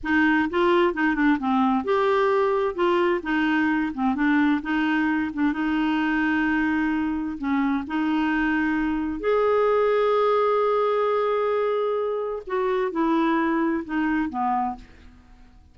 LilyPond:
\new Staff \with { instrumentName = "clarinet" } { \time 4/4 \tempo 4 = 130 dis'4 f'4 dis'8 d'8 c'4 | g'2 f'4 dis'4~ | dis'8 c'8 d'4 dis'4. d'8 | dis'1 |
cis'4 dis'2. | gis'1~ | gis'2. fis'4 | e'2 dis'4 b4 | }